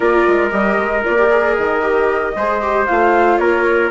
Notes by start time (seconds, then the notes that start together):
0.00 A#3 F4 A#4 D5
0.27 G#3
0.50 G3 G4 D#5
0.77 G#3
1.04 A#3 F4 D5
1.17 G4
1.30 G#4
1.56 D#3 D#5
1.81 G4
2.35 G#3 G#4 C5
2.61 G4
2.86 A3 F4 F5
3.38 A#3 A#4 C#5